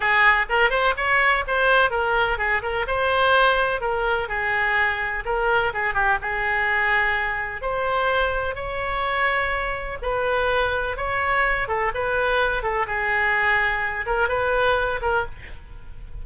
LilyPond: \new Staff \with { instrumentName = "oboe" } { \time 4/4 \tempo 4 = 126 gis'4 ais'8 c''8 cis''4 c''4 | ais'4 gis'8 ais'8 c''2 | ais'4 gis'2 ais'4 | gis'8 g'8 gis'2. |
c''2 cis''2~ | cis''4 b'2 cis''4~ | cis''8 a'8 b'4. a'8 gis'4~ | gis'4. ais'8 b'4. ais'8 | }